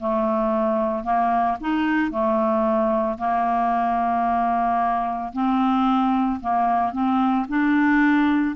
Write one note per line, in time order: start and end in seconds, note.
0.00 1.04 A3
1.04 1.57 A#3
1.61 2.11 D#4
2.11 3.18 A3
3.19 5.33 A#3
5.33 6.40 C4
6.41 6.93 A#3
6.93 7.47 C4
7.49 8.56 D4